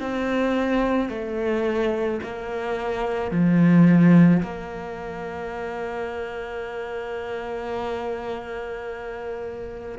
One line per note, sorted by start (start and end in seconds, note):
0.00 1.10 C4
1.10 2.21 A3
2.23 3.31 A#3
3.31 4.42 F3
4.43 9.98 A#3